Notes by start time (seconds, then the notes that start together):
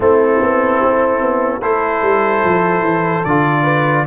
0.00 A3 C4 E4 A4
0.41 B3
0.83 C4
1.21 B3
1.60 A3 E4 A4 C5
2.02 G3
2.43 F3
2.81 E3
3.24 D3 F4 D5
3.63 B4